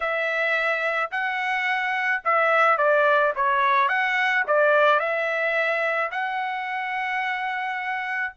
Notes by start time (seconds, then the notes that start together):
0.00 E5
1.11 F#5
2.24 E5
2.77 D5
3.35 C#5
3.88 F#5
4.47 D5
4.99 E5
6.11 F#5